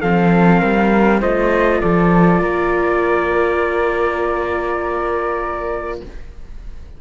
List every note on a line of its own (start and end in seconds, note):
0.00 0.63 F3
0.00 1.22 C4
0.00 0.59 A4
0.00 1.21 F5
0.59 1.22 G3
0.59 1.20 A#4
1.21 1.82 A3
1.21 6.02 F4
1.21 1.81 C5
1.21 1.81 D#5
1.81 2.41 F3
1.81 2.41 A4
1.81 6.01 D5
2.41 6.01 A#3
2.41 6.01 A#4